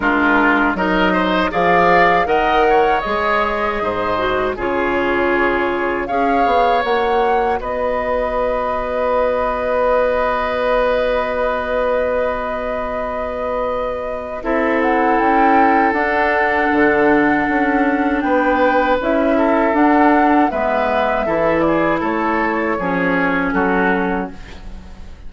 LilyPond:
<<
  \new Staff \with { instrumentName = "flute" } { \time 4/4 \tempo 4 = 79 ais'4 dis''4 f''4 fis''4 | dis''2 cis''2 | f''4 fis''4 dis''2~ | dis''1~ |
dis''2. e''8 fis''8 | g''4 fis''2. | g''4 e''4 fis''4 e''4~ | e''8 d''8 cis''2 a'4 | }
  \new Staff \with { instrumentName = "oboe" } { \time 4/4 f'4 ais'8 c''8 d''4 dis''8 cis''8~ | cis''4 c''4 gis'2 | cis''2 b'2~ | b'1~ |
b'2. a'4~ | a'1 | b'4. a'4. b'4 | a'8 gis'8 a'4 gis'4 fis'4 | }
  \new Staff \with { instrumentName = "clarinet" } { \time 4/4 d'4 dis'4 gis'4 ais'4 | gis'4. fis'8 f'2 | gis'4 fis'2.~ | fis'1~ |
fis'2. e'4~ | e'4 d'2.~ | d'4 e'4 d'4 b4 | e'2 cis'2 | }
  \new Staff \with { instrumentName = "bassoon" } { \time 4/4 gis4 fis4 f4 dis4 | gis4 gis,4 cis2 | cis'8 b8 ais4 b2~ | b1~ |
b2. c'4 | cis'4 d'4 d4 cis'4 | b4 cis'4 d'4 gis4 | e4 a4 f4 fis4 | }
>>